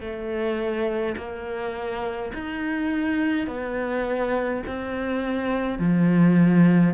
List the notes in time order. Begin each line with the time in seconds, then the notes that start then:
0.00 A3
1.16 A#3
2.33 D#4
3.47 B3
4.66 C4
5.78 F3